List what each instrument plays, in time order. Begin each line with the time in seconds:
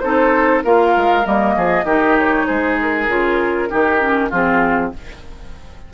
0.00 bassoon C4, clarinet D#4, oboe A4, flute C5
0.64 bassoon A#3, clarinet F4, oboe A#4, flute F5
0.97 bassoon G#3
1.24 bassoon G3, clarinet A#3, flute D#5
1.57 bassoon F3, oboe G#4
1.84 bassoon D#3, clarinet D#4, oboe G4
2.19 flute C#5
2.47 bassoon G#3, oboe G#4, flute C5
2.82 flute A#4
3.09 bassoon C#3, clarinet F4
3.70 bassoon D#3, clarinet D#4, oboe G4
4.01 clarinet C#4
4.30 bassoon F3, clarinet C4, oboe F4, flute G#4